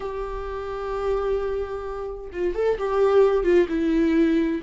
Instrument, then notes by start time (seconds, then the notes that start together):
viola
0.00 G4
2.32 F4
2.54 A4
2.78 G4
3.43 F4
3.69 E4